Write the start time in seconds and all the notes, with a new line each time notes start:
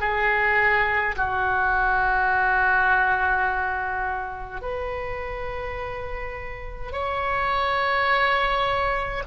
0.00 G#4
1.16 F#4
4.62 B4
6.92 C#5